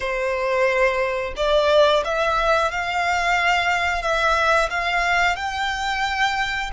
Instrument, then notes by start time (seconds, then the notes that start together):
violin
0.00 C5
1.36 D5
2.04 E5
2.71 F5
4.01 E5
4.70 F5
5.36 G5